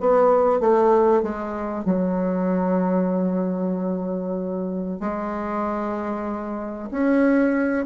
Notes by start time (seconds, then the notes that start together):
0.00 B3
0.60 A3
1.23 G#3
1.85 F#3
5.00 G#3
6.91 C#4